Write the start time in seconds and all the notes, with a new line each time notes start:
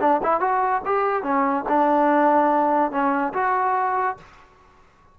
0.00 D4
0.23 E4
0.40 F#4
0.85 G4
1.23 C#4
1.68 D4
2.91 C#4
3.33 F#4